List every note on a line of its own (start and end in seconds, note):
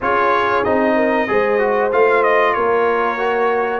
0.01 0.64 C#4
0.01 0.64 F4
0.01 0.95 G#4
0.01 0.64 C#5
0.64 1.28 C4
0.64 1.27 D#4
0.64 1.91 D#5
0.95 1.27 A#4
1.27 1.92 G#3
1.27 1.59 G#4
1.27 2.55 C5
1.59 1.90 F#4
1.91 2.56 A3
1.91 3.18 F4
1.91 2.23 F5
2.23 2.53 D#5
2.53 3.80 A#3
2.53 3.80 A#4
2.53 3.80 C#5
3.18 3.80 F#4